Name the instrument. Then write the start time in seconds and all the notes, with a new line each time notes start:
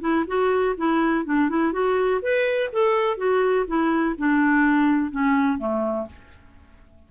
clarinet
0.00 E4
0.27 F#4
0.77 E4
1.25 D4
1.49 E4
1.72 F#4
2.21 B4
2.72 A4
3.17 F#4
3.67 E4
4.18 D4
5.11 C#4
5.58 A3